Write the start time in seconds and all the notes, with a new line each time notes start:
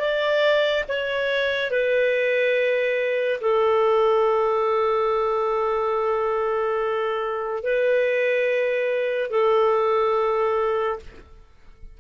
0.00 D5
0.89 C#5
1.71 B4
3.41 A4
7.64 B4
9.31 A4